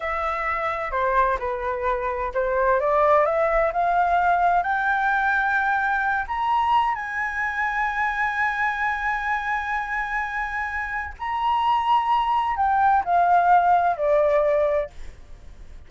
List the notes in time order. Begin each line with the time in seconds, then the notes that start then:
0.00 E5
0.91 C5
1.39 B4
2.33 C5
2.80 D5
3.25 E5
3.73 F5
4.63 G5
6.27 A#5
6.95 G#5
11.19 A#5
12.56 G5
13.05 F5
13.97 D5